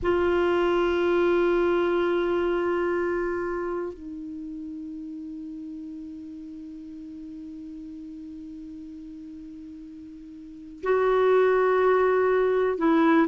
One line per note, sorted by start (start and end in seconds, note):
0.02 3.93 F4
3.93 10.82 D#4
10.82 12.78 F#4
12.78 13.27 E4